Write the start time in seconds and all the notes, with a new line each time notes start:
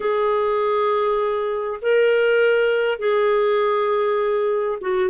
0.00 G#4
1.81 A#4
2.98 G#4
4.80 F#4